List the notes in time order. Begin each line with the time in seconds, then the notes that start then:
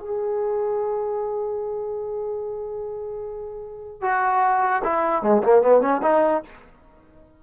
0.00 G#4
4.02 F#4
4.84 E4
5.23 G#3
5.43 A#3
5.62 B3
5.82 C#4
6.03 D#4